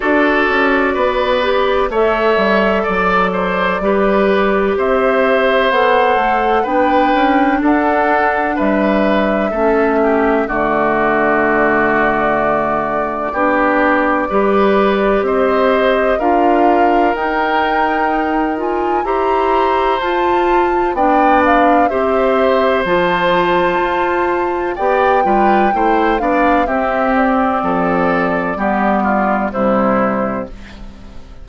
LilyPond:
<<
  \new Staff \with { instrumentName = "flute" } { \time 4/4 \tempo 4 = 63 d''2 e''4 d''4~ | d''4 e''4 fis''4 g''4 | fis''4 e''2 d''4~ | d''1 |
dis''4 f''4 g''4. gis''8 | ais''4 a''4 g''8 f''8 e''4 | a''2 g''4. f''8 | e''8 d''2~ d''8 c''4 | }
  \new Staff \with { instrumentName = "oboe" } { \time 4/4 a'4 b'4 cis''4 d''8 c''8 | b'4 c''2 b'4 | a'4 b'4 a'8 g'8 fis'4~ | fis'2 g'4 b'4 |
c''4 ais'2. | c''2 d''4 c''4~ | c''2 d''8 b'8 c''8 d''8 | g'4 a'4 g'8 f'8 e'4 | }
  \new Staff \with { instrumentName = "clarinet" } { \time 4/4 fis'4. g'8 a'2 | g'2 a'4 d'4~ | d'2 cis'4 a4~ | a2 d'4 g'4~ |
g'4 f'4 dis'4. f'8 | g'4 f'4 d'4 g'4 | f'2 g'8 f'8 e'8 d'8 | c'2 b4 g4 | }
  \new Staff \with { instrumentName = "bassoon" } { \time 4/4 d'8 cis'8 b4 a8 g8 fis4 | g4 c'4 b8 a8 b8 cis'8 | d'4 g4 a4 d4~ | d2 b4 g4 |
c'4 d'4 dis'2 | e'4 f'4 b4 c'4 | f4 f'4 b8 g8 a8 b8 | c'4 f4 g4 c4 | }
>>